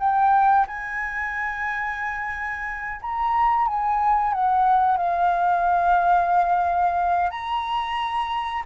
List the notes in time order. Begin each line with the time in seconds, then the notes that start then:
0.00 G5
0.68 G#5
3.02 A#5
3.68 G#5
4.34 F#5
4.98 F5
7.31 A#5